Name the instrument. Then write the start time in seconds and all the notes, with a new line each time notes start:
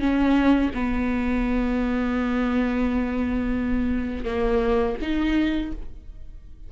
viola
0.00 C#4
0.74 B3
4.24 A#3
5.01 D#4